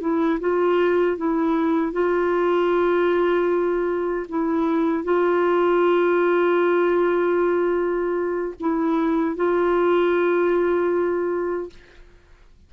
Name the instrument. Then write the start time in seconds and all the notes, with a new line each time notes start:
clarinet
0.00 E4
0.40 F4
1.17 E4
1.92 F4
4.29 E4
5.03 F4
8.60 E4
9.35 F4